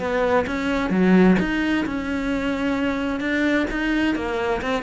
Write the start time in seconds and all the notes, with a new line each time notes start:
0.00 B3
0.47 C#4
0.91 F#3
1.40 D#4
1.86 C#4
3.21 D4
3.71 D#4
4.16 A#3
4.62 C4